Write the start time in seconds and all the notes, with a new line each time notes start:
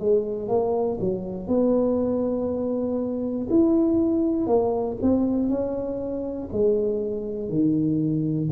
0.00 G#3
0.49 A#3
1.01 F#3
1.48 B3
3.50 E4
4.47 A#3
5.02 C4
5.50 C#4
6.53 G#3
7.50 D#3